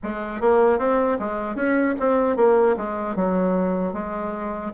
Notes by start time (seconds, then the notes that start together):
0.03 G#3
0.40 A#3
0.78 C4
1.19 G#3
1.55 C#4
1.99 C4
2.36 A#3
2.76 G#3
3.15 F#3
3.93 G#3